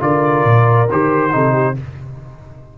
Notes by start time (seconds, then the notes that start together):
0.00 D3 F4 A#4 D5
0.45 A#2
0.91 D#3 G4 C5
1.31 C3 D#4 A4
1.53 G4